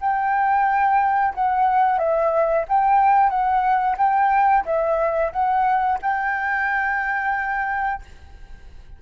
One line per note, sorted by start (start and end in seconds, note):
0.00 1.33 G5
1.34 1.98 F#5
1.98 2.65 E5
2.68 3.29 G5
3.29 3.96 F#5
3.98 4.64 G5
4.65 5.32 E5
5.32 5.98 F#5
6.02 8.02 G5